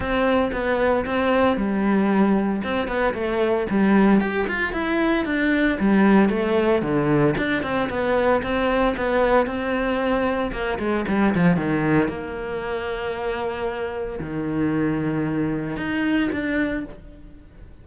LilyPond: \new Staff \with { instrumentName = "cello" } { \time 4/4 \tempo 4 = 114 c'4 b4 c'4 g4~ | g4 c'8 b8 a4 g4 | g'8 f'8 e'4 d'4 g4 | a4 d4 d'8 c'8 b4 |
c'4 b4 c'2 | ais8 gis8 g8 f8 dis4 ais4~ | ais2. dis4~ | dis2 dis'4 d'4 | }